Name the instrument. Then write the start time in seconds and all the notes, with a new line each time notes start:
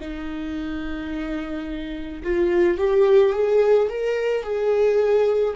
viola
0.00 D#4
2.23 F4
2.78 G4
3.33 G#4
3.89 A#4
4.43 G#4